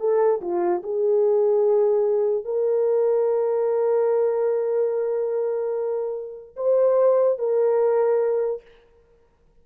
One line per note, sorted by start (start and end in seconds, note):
0.00 0.41 A4
0.41 0.83 F4
0.83 2.45 G#4
2.45 6.56 A#4
6.56 7.39 C5
7.39 8.62 A#4